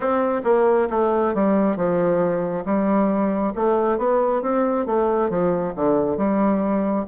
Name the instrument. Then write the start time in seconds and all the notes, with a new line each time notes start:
bassoon
0.00 C4
0.44 A#3
0.90 A3
1.34 G3
1.76 F3
2.65 G3
3.55 A3
3.97 B3
4.42 C4
4.86 A3
5.29 F3
5.75 D3
6.17 G3